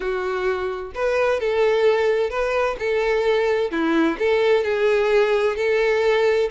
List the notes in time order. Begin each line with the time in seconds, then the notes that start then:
0.00 F#4
0.95 B4
1.40 A4
2.30 B4
2.79 A4
3.71 E4
4.18 A4
4.64 G#4
5.56 A4